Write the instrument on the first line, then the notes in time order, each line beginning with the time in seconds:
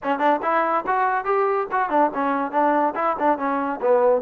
trombone
0.03 C#4
0.18 D4
0.42 E4
0.87 F#4
1.24 G4
1.71 F#4
1.89 D4
2.14 C#4
2.51 D4
2.95 E4
3.19 D4
3.37 C#4
3.81 B3